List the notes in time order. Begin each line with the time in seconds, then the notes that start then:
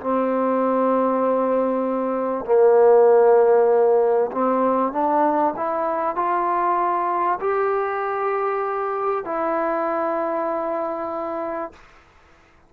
0.00 C4
2.45 A#3
4.31 C4
4.92 D4
5.56 E4
6.15 F4
7.40 G4
9.25 E4